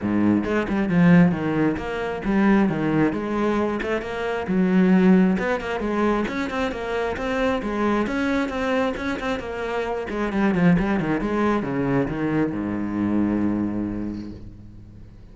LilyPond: \new Staff \with { instrumentName = "cello" } { \time 4/4 \tempo 4 = 134 gis,4 gis8 g8 f4 dis4 | ais4 g4 dis4 gis4~ | gis8 a8 ais4 fis2 | b8 ais8 gis4 cis'8 c'8 ais4 |
c'4 gis4 cis'4 c'4 | cis'8 c'8 ais4. gis8 g8 f8 | g8 dis8 gis4 cis4 dis4 | gis,1 | }